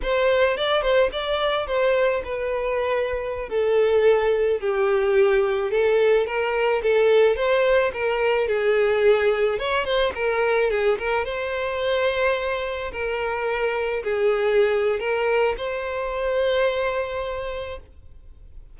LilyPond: \new Staff \with { instrumentName = "violin" } { \time 4/4 \tempo 4 = 108 c''4 d''8 c''8 d''4 c''4 | b'2~ b'16 a'4.~ a'16~ | a'16 g'2 a'4 ais'8.~ | ais'16 a'4 c''4 ais'4 gis'8.~ |
gis'4~ gis'16 cis''8 c''8 ais'4 gis'8 ais'16~ | ais'16 c''2. ais'8.~ | ais'4~ ais'16 gis'4.~ gis'16 ais'4 | c''1 | }